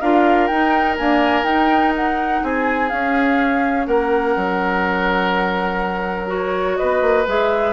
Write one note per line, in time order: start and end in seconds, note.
0.00 0.50 D4
0.00 0.50 F4
0.00 2.43 A#4
0.00 0.47 F5
0.47 0.98 D#4
0.47 0.97 D#4
0.47 0.95 G5
0.97 1.46 A#3
0.97 1.43 D4
0.97 1.44 G#5
1.43 2.40 D#4
1.43 2.90 D#4
1.43 1.93 G5
1.95 2.43 F#5
2.42 2.91 C4
2.42 3.87 G#4
2.42 2.89 G#5
2.89 6.27 C#4
2.89 3.86 C#4
2.89 3.86 F5
3.86 4.35 A#3
3.86 6.77 A#4
3.86 6.28 F#5
4.36 6.78 F#3
6.27 7.24 F#4
6.27 6.76 C#5
6.76 7.01 B3
6.76 7.73 B4
6.76 7.25 D#5
7.01 7.25 A#3
7.27 7.73 G#3
7.27 7.73 G#4
7.27 7.73 E5